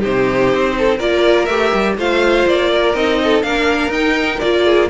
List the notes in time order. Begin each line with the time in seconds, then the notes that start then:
0.00 C3 D#4 G4 C5
0.54 C4
0.78 A4
0.97 A#3 F4 A#4 D5
1.45 A3 G4 E5
1.73 G3
1.97 A3 F4 C5 F5
2.47 A#3 D5
2.71 A#4
2.95 C4 D#4 D#5
3.23 A4
3.42 A#3 D4 A#4 F5
3.88 D#4 G5
4.40 A#3 F4 D5
4.64 G#4